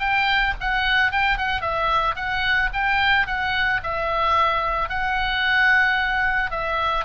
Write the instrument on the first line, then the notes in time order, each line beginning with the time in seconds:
oboe
0.00 G5
0.61 F#5
1.12 G5
1.38 F#5
1.61 E5
2.16 F#5
2.73 G5
3.27 F#5
3.83 E5
4.89 F#5
6.51 E5